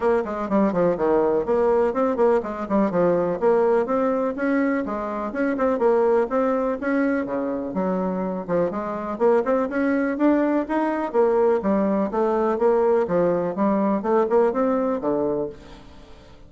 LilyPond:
\new Staff \with { instrumentName = "bassoon" } { \time 4/4 \tempo 4 = 124 ais8 gis8 g8 f8 dis4 ais4 | c'8 ais8 gis8 g8 f4 ais4 | c'4 cis'4 gis4 cis'8 c'8 | ais4 c'4 cis'4 cis4 |
fis4. f8 gis4 ais8 c'8 | cis'4 d'4 dis'4 ais4 | g4 a4 ais4 f4 | g4 a8 ais8 c'4 d4 | }